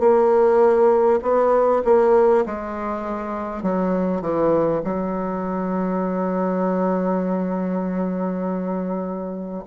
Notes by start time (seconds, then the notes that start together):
0.00 A#3
1.23 B3
1.85 A#3
2.47 G#3
3.63 F#3
4.22 E3
4.84 F#3